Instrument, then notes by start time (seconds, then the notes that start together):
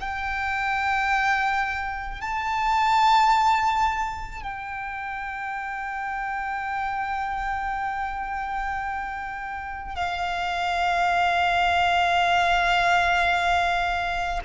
violin
0.00 G5
2.21 A5
4.43 G5
9.95 F5